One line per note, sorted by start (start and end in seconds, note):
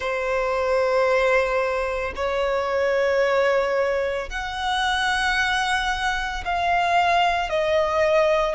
0.00 2.13 C5
2.15 4.29 C#5
4.29 6.43 F#5
6.44 7.50 F5
7.50 8.54 D#5